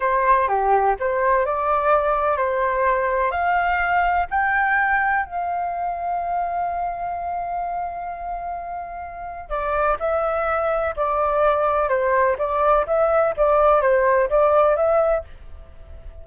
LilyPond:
\new Staff \with { instrumentName = "flute" } { \time 4/4 \tempo 4 = 126 c''4 g'4 c''4 d''4~ | d''4 c''2 f''4~ | f''4 g''2 f''4~ | f''1~ |
f''1 | d''4 e''2 d''4~ | d''4 c''4 d''4 e''4 | d''4 c''4 d''4 e''4 | }